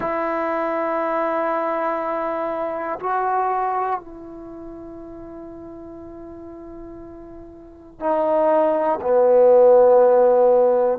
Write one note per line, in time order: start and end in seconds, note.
0.00 2.99 E4
3.00 3.99 F#4
3.99 7.99 E4
8.00 9.00 D#4
9.00 10.98 B3